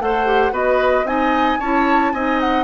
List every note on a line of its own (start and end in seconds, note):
0.00 0.51 A3
0.00 0.26 A4
0.00 0.53 C5
0.00 0.54 F#5
0.26 0.52 G4
0.51 1.04 B3
0.51 1.05 F#4
0.51 1.06 B4
0.51 1.07 D#5
1.04 1.58 C4
1.04 1.59 D#4
1.04 1.60 D#5
1.04 1.60 G#5
1.60 2.13 C#4
1.60 2.15 E4
1.60 2.13 C#5
1.60 2.13 A5
2.13 2.64 C4
2.13 2.64 D#4
2.13 2.64 D#5
2.13 2.40 G#5
2.40 2.64 F#5